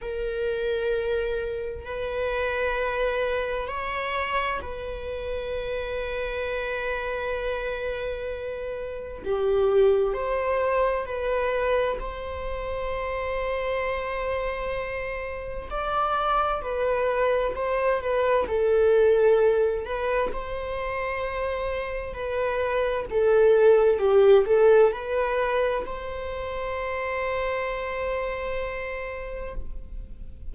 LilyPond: \new Staff \with { instrumentName = "viola" } { \time 4/4 \tempo 4 = 65 ais'2 b'2 | cis''4 b'2.~ | b'2 g'4 c''4 | b'4 c''2.~ |
c''4 d''4 b'4 c''8 b'8 | a'4. b'8 c''2 | b'4 a'4 g'8 a'8 b'4 | c''1 | }